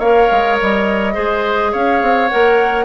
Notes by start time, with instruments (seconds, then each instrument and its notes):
0.00 bassoon A#3, clarinet A#4, oboe C#5, flute F5
0.32 bassoon G#3
0.60 bassoon G3, flute D#5
1.14 bassoon G#3, clarinet G#4, oboe C5
1.72 bassoon C#4, oboe C#5, flute F5
2.02 bassoon C4
2.28 bassoon A#3, clarinet A#4, flute F#5